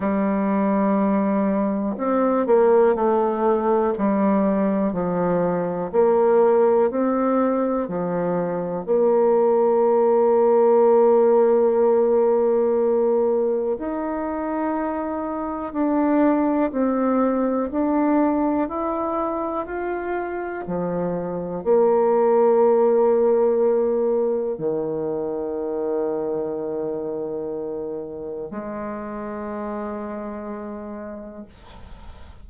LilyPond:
\new Staff \with { instrumentName = "bassoon" } { \time 4/4 \tempo 4 = 61 g2 c'8 ais8 a4 | g4 f4 ais4 c'4 | f4 ais2.~ | ais2 dis'2 |
d'4 c'4 d'4 e'4 | f'4 f4 ais2~ | ais4 dis2.~ | dis4 gis2. | }